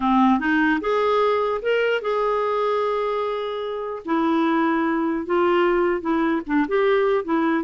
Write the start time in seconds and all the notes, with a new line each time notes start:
0.00 C4
0.39 D#4
0.81 G#4
1.62 A#4
2.01 G#4
4.05 E4
5.26 F4
6.01 E4
6.46 D4
6.68 G4
7.24 E4